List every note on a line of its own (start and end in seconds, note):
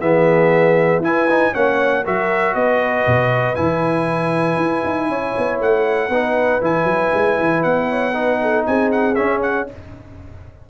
0.00 0.99 E3
0.00 1.03 B3
0.00 1.03 G#4
0.00 1.02 E5
0.99 1.50 E4
0.99 1.28 E4
0.99 1.52 B4
0.99 1.54 G#5
1.29 1.53 D#4
1.52 2.06 A#3
1.52 2.04 C#4
1.52 2.03 C#5
1.52 2.04 F#5
2.04 2.54 F#3
2.04 3.56 F#4
2.04 2.55 A#4
2.04 2.54 E5
2.54 3.05 B3
2.54 5.09 B4
2.54 3.55 D#5
3.06 3.57 B2
3.55 4.56 E3
3.55 6.10 E4
3.55 5.58 G#5
4.56 4.82 E4
4.84 5.09 D#4
5.09 5.34 C#4
5.09 6.10 C#5
5.37 5.60 B3
5.60 6.09 A3
5.60 6.63 F#5
6.09 6.60 B3
6.09 6.61 D#4
6.09 7.88 B4
6.61 6.84 E3
6.61 8.13 E4
6.61 7.63 G#5
6.84 7.10 F#3
7.13 7.39 G#3
7.40 7.64 E3
7.63 8.66 B3
7.63 8.64 F#5
7.89 8.14 C#5
8.13 9.15 D#4
8.13 8.41 B4
8.41 8.67 A4
8.66 9.17 C4
8.66 9.69 G#4
8.66 8.91 G#5
8.91 9.15 F#5
9.15 9.66 C#4
9.15 9.69 C#4
9.15 9.40 E5
9.42 9.67 F#5